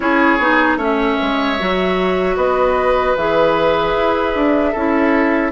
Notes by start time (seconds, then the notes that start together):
0.00 C#4 E4 G#4 C#5
0.38 B3 D#4
0.76 A3 C#4 C#5 E5
1.21 G#3
1.59 F#3 F#4
2.36 B3 B4 D#5
3.16 E3 G#4 E5
3.96 E4
4.35 D4
4.72 C#4 E4 A4